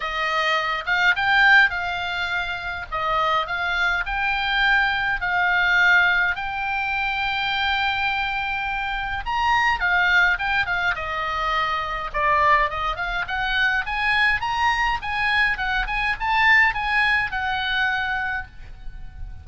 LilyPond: \new Staff \with { instrumentName = "oboe" } { \time 4/4 \tempo 4 = 104 dis''4. f''8 g''4 f''4~ | f''4 dis''4 f''4 g''4~ | g''4 f''2 g''4~ | g''1 |
ais''4 f''4 g''8 f''8 dis''4~ | dis''4 d''4 dis''8 f''8 fis''4 | gis''4 ais''4 gis''4 fis''8 gis''8 | a''4 gis''4 fis''2 | }